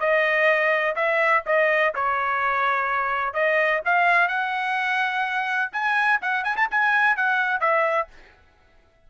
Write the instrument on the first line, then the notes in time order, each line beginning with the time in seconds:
trumpet
0.00 D#5
0.95 E5
1.46 D#5
1.95 C#5
3.34 D#5
3.85 F5
4.28 F#5
5.72 G#5
6.21 F#5
6.44 G#5
6.56 A5
6.71 G#5
7.16 F#5
7.60 E5